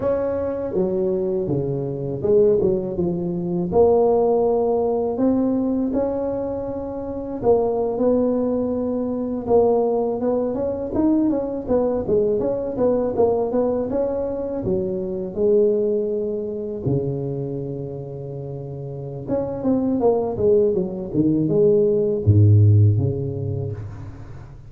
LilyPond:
\new Staff \with { instrumentName = "tuba" } { \time 4/4 \tempo 4 = 81 cis'4 fis4 cis4 gis8 fis8 | f4 ais2 c'4 | cis'2 ais8. b4~ b16~ | b8. ais4 b8 cis'8 dis'8 cis'8 b16~ |
b16 gis8 cis'8 b8 ais8 b8 cis'4 fis16~ | fis8. gis2 cis4~ cis16~ | cis2 cis'8 c'8 ais8 gis8 | fis8 dis8 gis4 gis,4 cis4 | }